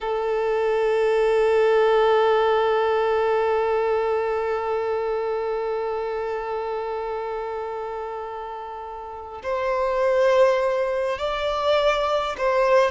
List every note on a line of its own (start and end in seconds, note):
0.00 9.41 A4
9.42 11.18 C5
11.18 12.36 D5
12.37 12.91 C5